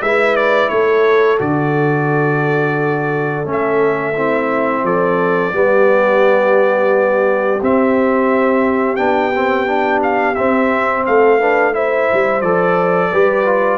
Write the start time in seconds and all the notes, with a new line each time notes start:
0.00 G#3 E4 B4 E5
0.36 D5
0.69 A3 A4 C#5
1.38 D3 F#4 D5
3.45 A3 C#4
3.52 E5
4.16 C4 E4
4.83 F3 A4 D5
5.52 G3 B3 G4
7.61 C4 E5
8.96 B3 D4 G5
9.35 C4
9.66 D4
10.02 F5
10.35 C4 E5
11.06 A3 A4 F5
11.39 D4 B4
11.72 E4 C5 E5
12.13 G3
12.41 F3 A4 D5
13.11 G3 G4 B4
13.46 F4